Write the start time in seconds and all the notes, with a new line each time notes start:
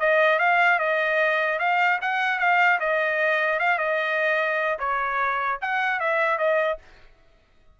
0.00 D#5
0.39 F5
0.79 D#5
1.59 F5
2.01 F#5
2.39 F5
2.80 D#5
3.59 F5
3.78 D#5
4.79 C#5
5.62 F#5
6.00 E5
6.38 D#5